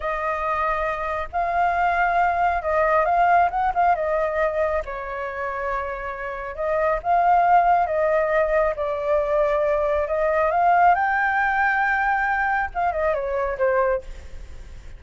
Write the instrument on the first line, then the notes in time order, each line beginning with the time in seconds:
flute
0.00 D#5
1.32 F5
2.62 D#5
3.05 F5
3.50 F#5
3.74 F5
3.95 D#5
4.85 C#5
6.55 D#5
7.03 F5
7.86 D#5
8.76 D5
10.07 D#5
10.51 F5
10.94 G5
12.74 F5
12.92 D#5
13.14 C#5
13.58 C5